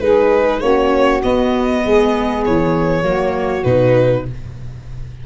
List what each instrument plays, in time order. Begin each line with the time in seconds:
0.00 tuba G#3, viola D#4, saxophone G#4, violin B4
0.60 tuba A#3, viola C#4, saxophone F#4, violin C#5
1.23 viola B3, tuba B3, violin D#5
1.84 tuba G#3, saxophone G#4
2.45 tuba E3, violin C#5
3.02 tuba F#3, viola A#3, saxophone F#4
3.64 tuba B2, viola D#4, violin B4